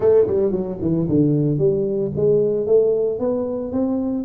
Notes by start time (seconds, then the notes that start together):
0.00 A3
0.27 G3
0.51 F#3
0.81 E3
1.08 D3
1.58 G3
2.16 G#3
2.66 A3
3.19 B3
3.71 C4